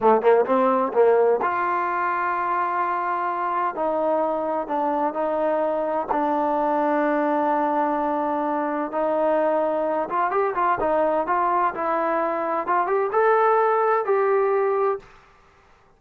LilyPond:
\new Staff \with { instrumentName = "trombone" } { \time 4/4 \tempo 4 = 128 a8 ais8 c'4 ais4 f'4~ | f'1 | dis'2 d'4 dis'4~ | dis'4 d'2.~ |
d'2. dis'4~ | dis'4. f'8 g'8 f'8 dis'4 | f'4 e'2 f'8 g'8 | a'2 g'2 | }